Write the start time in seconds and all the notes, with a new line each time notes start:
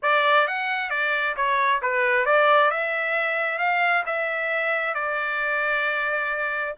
0.02 D5
0.47 F#5
0.90 D5
1.36 C#5
1.81 B4
2.25 D5
2.70 E5
3.58 F5
4.05 E5
4.94 D5